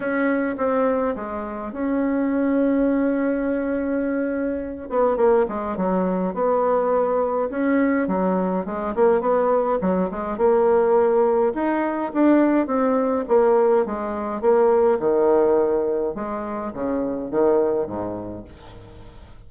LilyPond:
\new Staff \with { instrumentName = "bassoon" } { \time 4/4 \tempo 4 = 104 cis'4 c'4 gis4 cis'4~ | cis'1~ | cis'8 b8 ais8 gis8 fis4 b4~ | b4 cis'4 fis4 gis8 ais8 |
b4 fis8 gis8 ais2 | dis'4 d'4 c'4 ais4 | gis4 ais4 dis2 | gis4 cis4 dis4 gis,4 | }